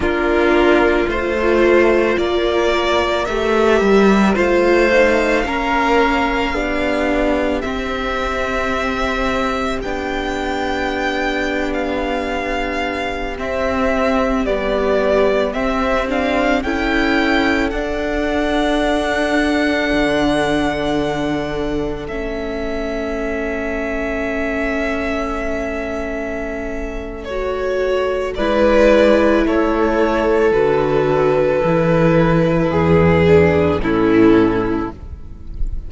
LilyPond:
<<
  \new Staff \with { instrumentName = "violin" } { \time 4/4 \tempo 4 = 55 ais'4 c''4 d''4 e''4 | f''2. e''4~ | e''4 g''4.~ g''16 f''4~ f''16~ | f''16 e''4 d''4 e''8 f''8 g''8.~ |
g''16 fis''2.~ fis''8.~ | fis''16 e''2.~ e''8.~ | e''4 cis''4 d''4 cis''4 | b'2. a'4 | }
  \new Staff \with { instrumentName = "violin" } { \time 4/4 f'2 ais'2 | c''4 ais'4 g'2~ | g'1~ | g'2.~ g'16 a'8.~ |
a'1~ | a'1~ | a'2 b'4 a'4~ | a'2 gis'4 e'4 | }
  \new Staff \with { instrumentName = "viola" } { \time 4/4 d'4 f'2 g'4 | f'8 dis'8 cis'4 d'4 c'4~ | c'4 d'2.~ | d'16 c'4 g4 c'8 d'8 e'8.~ |
e'16 d'2.~ d'8.~ | d'16 cis'2.~ cis'8.~ | cis'4 fis'4 e'2 | fis'4 e'4. d'8 cis'4 | }
  \new Staff \with { instrumentName = "cello" } { \time 4/4 ais4 a4 ais4 a8 g8 | a4 ais4 b4 c'4~ | c'4 b2.~ | b16 c'4 b4 c'4 cis'8.~ |
cis'16 d'2 d4.~ d16~ | d16 a2.~ a8.~ | a2 gis4 a4 | d4 e4 e,4 a,4 | }
>>